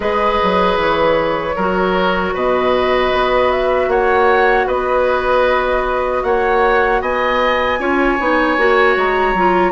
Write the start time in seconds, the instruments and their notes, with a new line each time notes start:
0.00 bassoon G#3, clarinet G#4, oboe B4, flute D#5
0.43 bassoon F#3
0.76 bassoon E3, flute C#5
1.55 bassoon F#3, clarinet F#4, oboe A#4
2.33 bassoon B2, oboe B4, flute D#5
3.12 bassoon B3
3.51 flute E5
3.87 bassoon A#3, oboe C#5, flute F#5
4.67 bassoon B3, oboe B4, flute D#5
6.23 bassoon A#3, oboe C#5, flute F#5
7.01 bassoon B3, oboe D#5, flute G#5
7.79 bassoon C#4, clarinet F4, oboe C#5
8.19 bassoon B3, clarinet D#4
8.57 bassoon A#3, clarinet F#4
8.96 bassoon G#3, flute A#5
9.34 bassoon F#3, clarinet F4